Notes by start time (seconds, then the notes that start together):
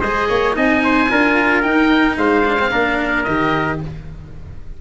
0.00 G#3 G#4 C5 D#5
0.28 A#3 C#5
0.53 C4 D#4 D#5 G#5
0.84 C5
1.09 D4 F4 A#4
1.62 D#4 G5
2.17 G#3 C5 F5
2.45 D4
2.59 C4
2.71 A#3 D4 A#4
3.23 D#3 G4 D#5